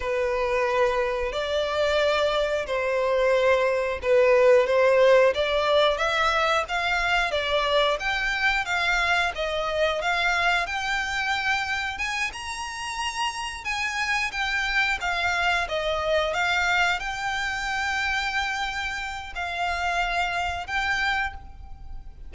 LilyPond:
\new Staff \with { instrumentName = "violin" } { \time 4/4 \tempo 4 = 90 b'2 d''2 | c''2 b'4 c''4 | d''4 e''4 f''4 d''4 | g''4 f''4 dis''4 f''4 |
g''2 gis''8 ais''4.~ | ais''8 gis''4 g''4 f''4 dis''8~ | dis''8 f''4 g''2~ g''8~ | g''4 f''2 g''4 | }